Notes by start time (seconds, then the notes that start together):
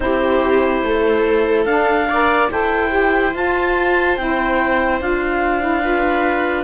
0.00 C4 E4 G4 C5
0.82 A3 A4
1.65 D4 F5
2.08 A#4 D5
2.50 E4 A4 C5 G5
2.89 G4
3.33 F4 A5
4.16 C4 E4 G5
5.01 D4 F4 F5
5.60 E4
5.80 F4 B4